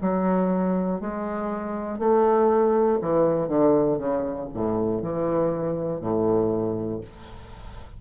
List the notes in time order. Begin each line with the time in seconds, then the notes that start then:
0.00 F#3
1.00 G#3
1.99 A3
3.01 E3
3.47 D3
3.98 C#3
4.54 A2
5.01 E3
6.00 A2